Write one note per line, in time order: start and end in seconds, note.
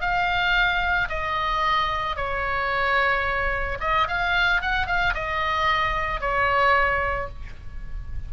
0.00 1.08 F5
1.09 2.16 D#5
2.16 3.78 C#5
3.80 4.07 D#5
4.07 4.61 F5
4.61 4.86 F#5
4.86 5.13 F5
5.14 6.20 D#5
6.20 7.28 C#5